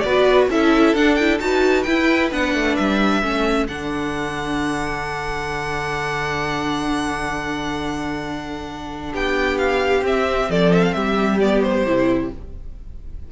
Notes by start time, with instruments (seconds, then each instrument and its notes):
0.00 cello B3, viola F#4, violin B4 D5
0.49 cello C#4, viola E4, violin A4 E5
0.94 cello D4, viola D4, violin F#5
1.15 viola E4, violin G5
1.39 cello D#4, viola F#4, violin B4 A5
1.83 cello E4, viola E4, violin G5
2.32 cello B3, viola D4, violin F#5
2.54 cello A3
2.76 cello G3, violin E5
3.22 cello A3, viola C#4, violin A4
3.68 cello D3, viola D4, violin F#5
9.13 cello B3, violin G4 G5
9.58 violin F5
10.02 cello C4, viola C4, violin E5
10.49 cello F3, violin A4 D5
10.73 violin E5
10.84 violin F5
10.93 cello G3, violin G4 E5
11.40 viola B3, violin D5
11.62 violin C5
11.84 cello C3, viola E4